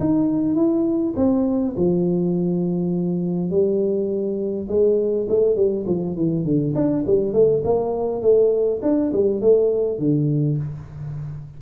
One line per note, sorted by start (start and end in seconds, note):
0.00 0.55 D#4
0.55 1.14 E4
1.17 1.75 C4
1.77 3.50 F3
3.50 4.68 G3
4.68 5.27 G#3
5.29 5.56 A3
5.56 5.86 G3
5.87 6.16 F3
6.16 6.45 E3
6.45 6.74 D3
6.75 7.05 D4
7.07 7.33 G3
7.33 7.63 A3
7.64 8.22 A#3
8.22 8.81 A3
8.83 9.12 D4
9.13 9.41 G3
9.41 9.99 A3
9.99 10.58 D3